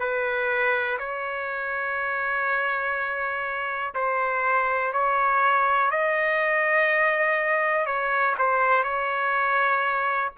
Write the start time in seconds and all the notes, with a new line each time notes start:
0.00 B4
0.99 C#5
3.94 C5
4.93 C#5
5.91 D#5
7.86 C#5
8.39 C5
8.84 C#5